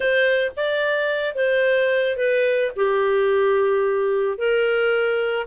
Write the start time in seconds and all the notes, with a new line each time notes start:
0.00 C5
0.56 D5
1.35 C5
2.17 B4
2.75 G4
4.38 A#4